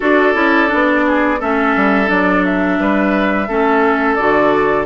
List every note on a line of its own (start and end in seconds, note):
0.00 0.34 D4
0.00 0.33 F#4
0.00 1.04 A4
0.00 1.41 D5
0.33 0.69 C#4
0.33 0.68 E4
0.68 1.41 B3
0.68 1.37 D4
1.07 1.39 G#4
1.39 1.75 A3
1.39 2.06 C#4
1.39 2.79 A4
1.39 2.09 E5
1.76 2.09 G3
2.06 2.79 F#3
2.06 3.45 D4
2.06 2.44 D5
2.44 4.15 E5
2.79 3.48 G3
2.79 3.48 B4
3.48 4.18 A3
3.48 4.18 C#4
3.48 4.85 A4
4.15 4.85 D3
4.15 4.85 F#4
4.15 4.85 D5